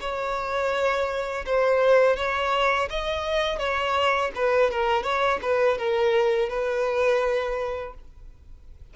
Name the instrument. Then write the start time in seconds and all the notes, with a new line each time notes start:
violin
0.00 C#5
1.45 C5
2.16 C#5
2.90 D#5
3.58 C#5
4.35 B4
4.70 A#4
5.03 C#5
5.42 B4
5.77 A#4
6.49 B4